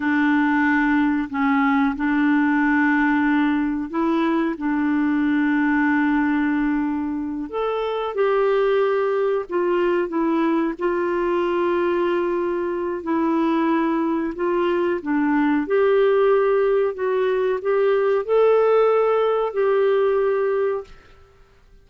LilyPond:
\new Staff \with { instrumentName = "clarinet" } { \time 4/4 \tempo 4 = 92 d'2 cis'4 d'4~ | d'2 e'4 d'4~ | d'2.~ d'8 a'8~ | a'8 g'2 f'4 e'8~ |
e'8 f'2.~ f'8 | e'2 f'4 d'4 | g'2 fis'4 g'4 | a'2 g'2 | }